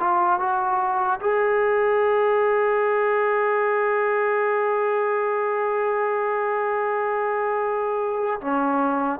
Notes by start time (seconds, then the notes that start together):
0.00 F4
0.40 F#4
1.21 G#4
8.41 C#4